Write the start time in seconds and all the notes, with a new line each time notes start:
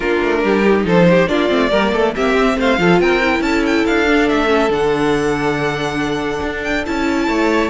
0.00 A#3 D4 F4 A#4
0.22 A3
0.44 G3 G4
0.64 D#4
0.84 F3 A4 C5
1.09 G4
1.27 A#3 D4 F4 D5
1.47 A3 C4
1.70 G3 A#3 A#4
1.93 A3 A4
2.15 A#3 C4 G4 E5
2.34 C4
2.57 A3 C5 F5
2.78 F3 F4 A4
2.99 C4 A#4 G5
3.22 E4
3.40 C#4 A4 A5
3.65 G5
3.86 D4 F5
4.06 D4
4.28 A3 E5
4.46 C#4
4.69 D3 D4 F#5
6.42 D4
6.63 G5
6.86 C#4 E4 A5
7.27 A3 C#5